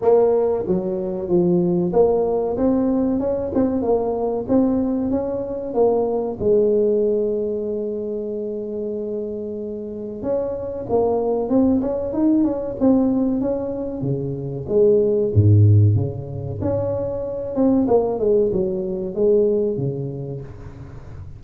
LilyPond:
\new Staff \with { instrumentName = "tuba" } { \time 4/4 \tempo 4 = 94 ais4 fis4 f4 ais4 | c'4 cis'8 c'8 ais4 c'4 | cis'4 ais4 gis2~ | gis1 |
cis'4 ais4 c'8 cis'8 dis'8 cis'8 | c'4 cis'4 cis4 gis4 | gis,4 cis4 cis'4. c'8 | ais8 gis8 fis4 gis4 cis4 | }